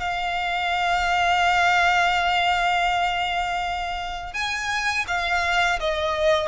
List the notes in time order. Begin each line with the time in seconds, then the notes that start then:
0.00 F5
4.33 G#5
5.07 F5
5.80 D#5